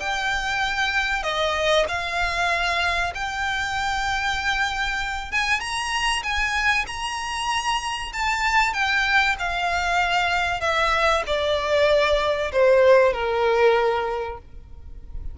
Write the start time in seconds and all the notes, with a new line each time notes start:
0.00 G5
1.23 D#5
1.88 F5
3.15 G5
5.32 G#5
5.60 A#5
6.23 G#5
6.87 A#5
8.13 A5
8.74 G5
9.39 F5
10.61 E5
11.27 D5
12.52 C5
13.13 A#4